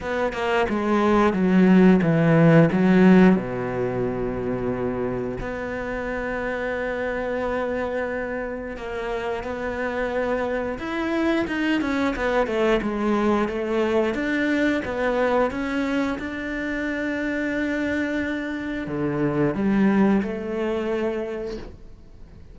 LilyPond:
\new Staff \with { instrumentName = "cello" } { \time 4/4 \tempo 4 = 89 b8 ais8 gis4 fis4 e4 | fis4 b,2. | b1~ | b4 ais4 b2 |
e'4 dis'8 cis'8 b8 a8 gis4 | a4 d'4 b4 cis'4 | d'1 | d4 g4 a2 | }